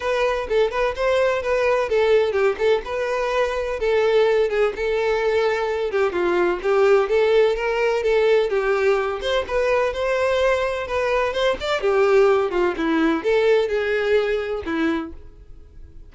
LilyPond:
\new Staff \with { instrumentName = "violin" } { \time 4/4 \tempo 4 = 127 b'4 a'8 b'8 c''4 b'4 | a'4 g'8 a'8 b'2 | a'4. gis'8 a'2~ | a'8 g'8 f'4 g'4 a'4 |
ais'4 a'4 g'4. c''8 | b'4 c''2 b'4 | c''8 d''8 g'4. f'8 e'4 | a'4 gis'2 e'4 | }